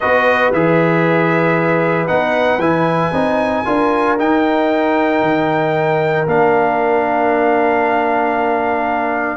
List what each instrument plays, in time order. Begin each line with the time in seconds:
0.00 tuba B3, trombone F#4, horn B4, trumpet D#5
0.52 tuba E3, trombone G#4, trumpet E5
2.07 tuba B3, trombone D#4, trumpet F#5
2.58 tuba E3, trombone E4, trumpet G#5
3.12 tuba C4, trombone D#4
3.65 tuba D4, trombone F4, horn A#4
4.18 trombone D#4, tuba D#4, trumpet G5
5.22 tuba D#3
6.26 tuba A#3, trombone D4, trumpet F5